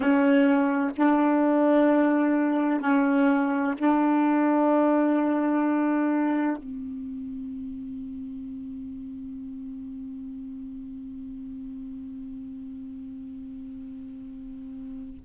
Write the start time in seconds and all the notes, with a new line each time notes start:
0.00 C#4
0.96 D4
2.80 C#4
3.78 D4
6.56 C4